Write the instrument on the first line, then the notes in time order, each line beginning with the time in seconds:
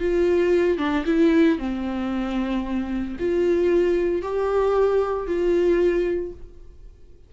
viola
0.00 F4
0.78 D4
1.06 E4
1.58 C4
3.19 F4
4.22 G4
5.27 F4